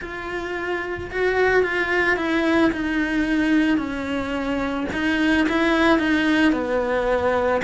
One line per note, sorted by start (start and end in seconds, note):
0.01 1.11 F4
1.11 1.63 F#4
1.63 2.17 F4
2.17 2.71 E4
2.72 3.77 D#4
3.77 4.86 C#4
4.92 5.47 D#4
5.48 5.99 E4
5.99 6.52 D#4
6.52 7.61 B3